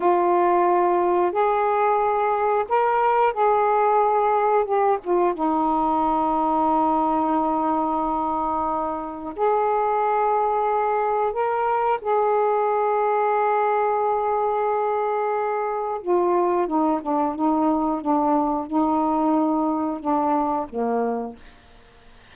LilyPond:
\new Staff \with { instrumentName = "saxophone" } { \time 4/4 \tempo 4 = 90 f'2 gis'2 | ais'4 gis'2 g'8 f'8 | dis'1~ | dis'2 gis'2~ |
gis'4 ais'4 gis'2~ | gis'1 | f'4 dis'8 d'8 dis'4 d'4 | dis'2 d'4 ais4 | }